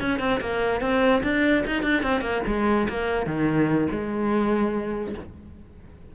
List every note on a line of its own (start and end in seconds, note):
0.00 0.19 C#4
0.19 0.40 C4
0.40 0.81 A#3
0.81 1.22 C4
1.23 1.64 D4
1.66 1.83 D#4
1.83 2.03 D4
2.03 2.21 C4
2.21 2.42 A#3
2.47 2.88 G#3
2.89 3.26 A#3
3.26 3.88 D#3
3.91 5.14 G#3